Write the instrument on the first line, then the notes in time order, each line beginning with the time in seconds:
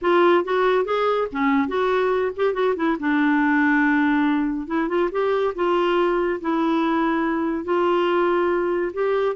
clarinet
0.01 F4
0.44 F#4
0.85 G#4
1.32 C#4
1.68 F#4
2.36 G4
2.53 F#4
2.75 E4
2.99 D4
4.67 E4
4.88 F4
5.11 G4
5.55 F4
6.40 E4
7.64 F4
8.93 G4